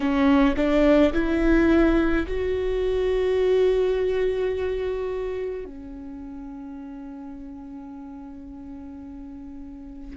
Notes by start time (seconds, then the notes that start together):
0.00 C#4
0.56 D4
1.13 E4
2.27 F#4
5.65 C#4